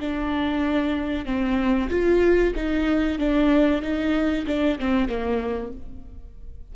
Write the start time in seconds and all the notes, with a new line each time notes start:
0.00 D4
1.26 C4
1.90 F4
2.56 D#4
3.19 D4
3.82 D#4
4.47 D4
4.80 C4
5.09 A#3